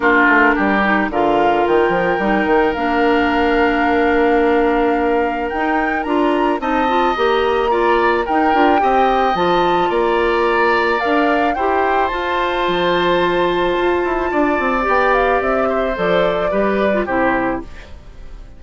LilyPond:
<<
  \new Staff \with { instrumentName = "flute" } { \time 4/4 \tempo 4 = 109 ais'2 f''4 g''4~ | g''4 f''2.~ | f''2 g''4 ais''4 | a''4 ais''2 g''4~ |
g''4 a''4 ais''2 | f''4 g''4 a''2~ | a''2. g''8 f''8 | e''4 d''2 c''4 | }
  \new Staff \with { instrumentName = "oboe" } { \time 4/4 f'4 g'4 ais'2~ | ais'1~ | ais'1 | dis''2 d''4 ais'4 |
dis''2 d''2~ | d''4 c''2.~ | c''2 d''2~ | d''8 c''4. b'4 g'4 | }
  \new Staff \with { instrumentName = "clarinet" } { \time 4/4 d'4. dis'8 f'2 | dis'4 d'2.~ | d'2 dis'4 f'4 | dis'8 f'8 g'4 f'4 dis'8 f'8 |
g'4 f'2. | ais'4 g'4 f'2~ | f'2. g'4~ | g'4 a'4 g'8. f'16 e'4 | }
  \new Staff \with { instrumentName = "bassoon" } { \time 4/4 ais8 a8 g4 d4 dis8 f8 | g8 dis8 ais2.~ | ais2 dis'4 d'4 | c'4 ais2 dis'8 d'8 |
c'4 f4 ais2 | d'4 e'4 f'4 f4~ | f4 f'8 e'8 d'8 c'8 b4 | c'4 f4 g4 c4 | }
>>